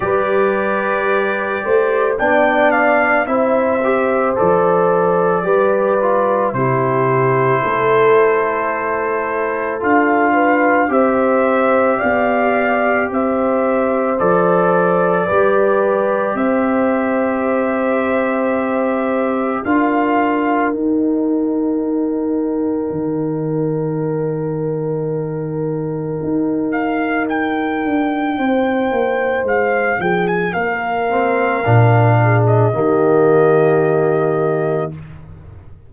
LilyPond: <<
  \new Staff \with { instrumentName = "trumpet" } { \time 4/4 \tempo 4 = 55 d''2 g''8 f''8 e''4 | d''2 c''2~ | c''4 f''4 e''4 f''4 | e''4 d''2 e''4~ |
e''2 f''4 g''4~ | g''1~ | g''8 f''8 g''2 f''8 g''16 gis''16 | f''4.~ f''16 dis''2~ dis''16 | }
  \new Staff \with { instrumentName = "horn" } { \time 4/4 b'4. c''8 d''4 c''4~ | c''4 b'4 g'4 a'4~ | a'4. b'8 c''4 d''4 | c''2 b'4 c''4~ |
c''2 ais'2~ | ais'1~ | ais'2 c''4. gis'8 | ais'4. gis'8 g'2 | }
  \new Staff \with { instrumentName = "trombone" } { \time 4/4 g'2 d'4 e'8 g'8 | a'4 g'8 f'8 e'2~ | e'4 f'4 g'2~ | g'4 a'4 g'2~ |
g'2 f'4 dis'4~ | dis'1~ | dis'1~ | dis'8 c'8 d'4 ais2 | }
  \new Staff \with { instrumentName = "tuba" } { \time 4/4 g4. a8 b4 c'4 | f4 g4 c4 a4~ | a4 d'4 c'4 b4 | c'4 f4 g4 c'4~ |
c'2 d'4 dis'4~ | dis'4 dis2. | dis'4. d'8 c'8 ais8 gis8 f8 | ais4 ais,4 dis2 | }
>>